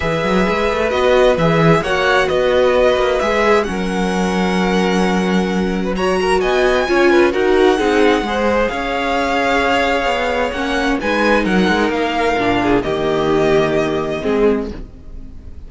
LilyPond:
<<
  \new Staff \with { instrumentName = "violin" } { \time 4/4 \tempo 4 = 131 e''2 dis''4 e''4 | fis''4 dis''2 e''4 | fis''1~ | fis''4 ais''4 gis''2 |
fis''2. f''4~ | f''2. fis''4 | gis''4 fis''4 f''2 | dis''1 | }
  \new Staff \with { instrumentName = "violin" } { \time 4/4 b'1 | cis''4 b'2. | ais'1~ | ais'8. b'16 cis''8 ais'8 dis''4 cis''8 b'8 |
ais'4 gis'4 c''4 cis''4~ | cis''1 | b'4 ais'2~ ais'8 gis'8 | g'2. gis'4 | }
  \new Staff \with { instrumentName = "viola" } { \time 4/4 gis'2 fis'4 gis'4 | fis'2. gis'4 | cis'1~ | cis'4 fis'2 f'4 |
fis'4 dis'4 gis'2~ | gis'2. cis'4 | dis'2. d'4 | ais2. c'4 | }
  \new Staff \with { instrumentName = "cello" } { \time 4/4 e8 fis8 gis8 a8 b4 e4 | ais4 b4. ais8 gis4 | fis1~ | fis2 b4 cis'4 |
dis'4 c'4 gis4 cis'4~ | cis'2 b4 ais4 | gis4 fis8 gis8 ais4 ais,4 | dis2. gis4 | }
>>